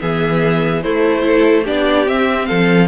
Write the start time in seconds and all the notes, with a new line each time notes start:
0.00 E3 B3 G#4 E5
0.83 A3 E4 C5
1.22 E4 A4
1.64 B3 D4 G4 D5
2.07 C4 E5
2.46 F3 A4 F5